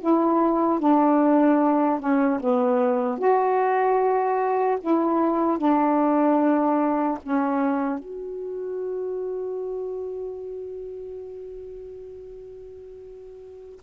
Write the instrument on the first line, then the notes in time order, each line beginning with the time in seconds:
saxophone
0.00 E4
0.79 D4
1.99 C#4
2.40 B3
3.18 F#4
4.80 E4
5.58 D4
7.23 C#4
7.98 F#4